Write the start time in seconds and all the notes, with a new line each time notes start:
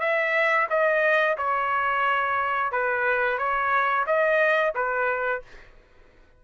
0.00 E5
0.70 D#5
1.38 C#5
2.72 B4
3.38 C#5
4.07 D#5
4.75 B4